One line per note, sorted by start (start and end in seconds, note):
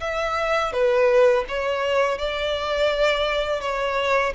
0.00 0.72 E5
0.72 1.45 B4
1.48 2.18 C#5
2.18 3.60 D5
3.60 4.32 C#5